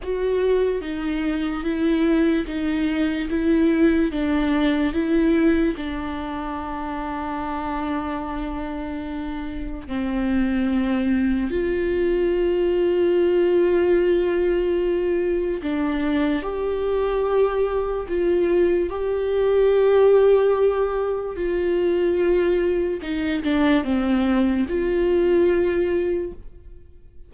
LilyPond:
\new Staff \with { instrumentName = "viola" } { \time 4/4 \tempo 4 = 73 fis'4 dis'4 e'4 dis'4 | e'4 d'4 e'4 d'4~ | d'1 | c'2 f'2~ |
f'2. d'4 | g'2 f'4 g'4~ | g'2 f'2 | dis'8 d'8 c'4 f'2 | }